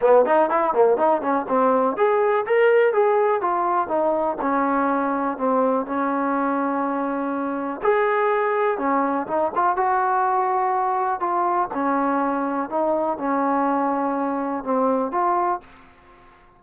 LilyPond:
\new Staff \with { instrumentName = "trombone" } { \time 4/4 \tempo 4 = 123 b8 dis'8 e'8 ais8 dis'8 cis'8 c'4 | gis'4 ais'4 gis'4 f'4 | dis'4 cis'2 c'4 | cis'1 |
gis'2 cis'4 dis'8 f'8 | fis'2. f'4 | cis'2 dis'4 cis'4~ | cis'2 c'4 f'4 | }